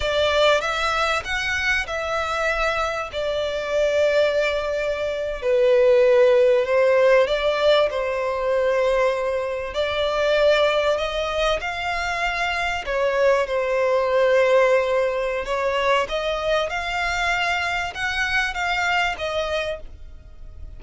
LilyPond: \new Staff \with { instrumentName = "violin" } { \time 4/4 \tempo 4 = 97 d''4 e''4 fis''4 e''4~ | e''4 d''2.~ | d''8. b'2 c''4 d''16~ | d''8. c''2. d''16~ |
d''4.~ d''16 dis''4 f''4~ f''16~ | f''8. cis''4 c''2~ c''16~ | c''4 cis''4 dis''4 f''4~ | f''4 fis''4 f''4 dis''4 | }